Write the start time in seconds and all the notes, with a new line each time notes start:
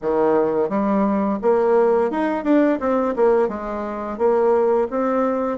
0.02 D#3
0.68 G3
1.41 A#3
2.10 D#4
2.44 D4
2.79 C4
3.16 A#3
3.48 G#3
4.17 A#3
4.90 C4